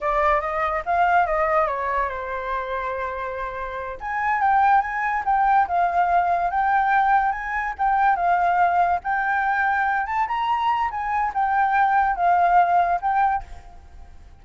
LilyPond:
\new Staff \with { instrumentName = "flute" } { \time 4/4 \tempo 4 = 143 d''4 dis''4 f''4 dis''4 | cis''4 c''2.~ | c''4. gis''4 g''4 gis''8~ | gis''8 g''4 f''2 g''8~ |
g''4. gis''4 g''4 f''8~ | f''4. g''2~ g''8 | a''8 ais''4. gis''4 g''4~ | g''4 f''2 g''4 | }